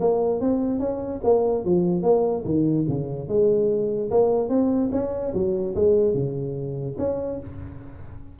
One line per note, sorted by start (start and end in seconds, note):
0.00 0.40 A#3
0.40 0.79 C4
0.79 1.20 C#4
1.23 1.65 A#3
1.65 2.02 F3
2.02 2.44 A#3
2.45 2.86 D#3
2.88 3.28 C#3
3.28 4.10 G#3
4.10 4.49 A#3
4.49 4.90 C4
4.92 5.33 C#4
5.33 5.75 F#3
5.75 6.14 G#3
6.14 6.96 C#3
6.98 7.39 C#4